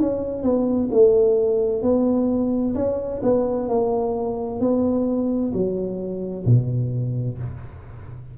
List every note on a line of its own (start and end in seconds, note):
0.00 0.43 C#4
0.43 0.89 B3
0.91 1.82 A3
1.82 2.74 B3
2.75 3.21 C#4
3.23 3.69 B3
3.69 4.60 A#3
4.60 5.53 B3
5.53 6.45 F#3
6.46 7.38 B2